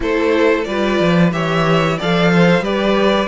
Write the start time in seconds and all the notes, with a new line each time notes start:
0.00 A3 E4 A4 C5
0.64 G3 F4 B4 D5
1.00 F3
1.32 E3 G4 C#5 E5
1.97 F3 A4 D5 F5
2.32 C5
2.60 G3 G4 B4 D5